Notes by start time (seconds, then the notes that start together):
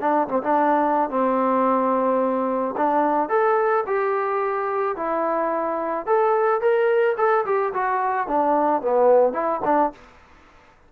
0.00 D4
0.28 C4
0.42 D4
1.09 C4
2.76 D4
3.29 A4
3.86 G4
4.96 E4
6.06 A4
6.61 A#4
7.17 A4
7.45 G4
7.73 F#4
8.27 D4
8.81 B3
9.33 E4
9.64 D4